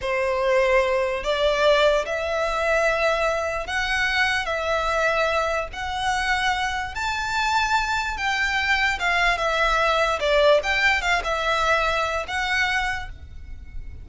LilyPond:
\new Staff \with { instrumentName = "violin" } { \time 4/4 \tempo 4 = 147 c''2. d''4~ | d''4 e''2.~ | e''4 fis''2 e''4~ | e''2 fis''2~ |
fis''4 a''2. | g''2 f''4 e''4~ | e''4 d''4 g''4 f''8 e''8~ | e''2 fis''2 | }